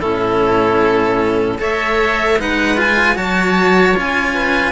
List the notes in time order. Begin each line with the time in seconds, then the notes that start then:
0.00 A2 C#4 E4 A4
1.59 A3 A4 C#5 E5
2.39 G#3 D#4 B4 F#5
2.77 F4 G#5
3.16 F#3 F#4 C#5 A5
3.95 C#4 F4 G#5
4.35 B4